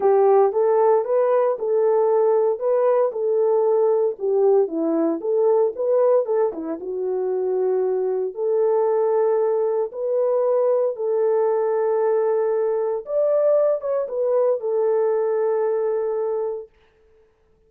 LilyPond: \new Staff \with { instrumentName = "horn" } { \time 4/4 \tempo 4 = 115 g'4 a'4 b'4 a'4~ | a'4 b'4 a'2 | g'4 e'4 a'4 b'4 | a'8 e'8 fis'2. |
a'2. b'4~ | b'4 a'2.~ | a'4 d''4. cis''8 b'4 | a'1 | }